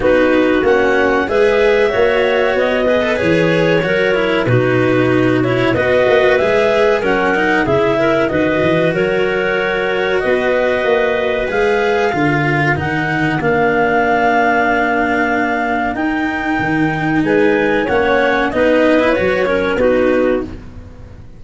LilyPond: <<
  \new Staff \with { instrumentName = "clarinet" } { \time 4/4 \tempo 4 = 94 b'4 fis''4 e''2 | dis''4 cis''2 b'4~ | b'8 cis''8 dis''4 e''4 fis''4 | e''4 dis''4 cis''2 |
dis''2 f''2 | fis''4 f''2.~ | f''4 g''2 gis''4 | fis''4 dis''4 cis''4 b'4 | }
  \new Staff \with { instrumentName = "clarinet" } { \time 4/4 fis'2 b'4 cis''4~ | cis''8 b'4. ais'4 fis'4~ | fis'4 b'2 ais'4 | gis'8 ais'8 b'4 ais'2 |
b'2. ais'4~ | ais'1~ | ais'2. b'4 | cis''4 b'4. ais'8 fis'4 | }
  \new Staff \with { instrumentName = "cello" } { \time 4/4 dis'4 cis'4 gis'4 fis'4~ | fis'8 gis'16 a'16 gis'4 fis'8 e'8 dis'4~ | dis'8 e'8 fis'4 gis'4 cis'8 dis'8 | e'4 fis'2.~ |
fis'2 gis'4 f'4 | dis'4 d'2.~ | d'4 dis'2. | cis'4 dis'8. e'16 fis'8 cis'8 dis'4 | }
  \new Staff \with { instrumentName = "tuba" } { \time 4/4 b4 ais4 gis4 ais4 | b4 e4 fis4 b,4~ | b,4 b8 ais8 gis4 fis4 | cis4 dis8 e8 fis2 |
b4 ais4 gis4 d4 | dis4 ais2.~ | ais4 dis'4 dis4 gis4 | ais4 b4 fis4 b4 | }
>>